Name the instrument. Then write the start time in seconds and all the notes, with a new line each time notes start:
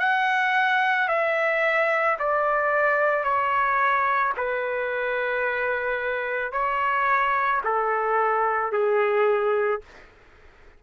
trumpet
0.00 F#5
1.09 E5
2.20 D5
3.24 C#5
4.37 B4
6.53 C#5
7.65 A4
8.73 G#4